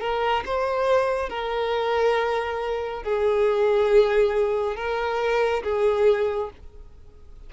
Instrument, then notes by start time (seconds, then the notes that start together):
violin
0.00 A#4
0.45 C5
1.29 A#4
3.03 G#4
4.75 A#4
5.63 G#4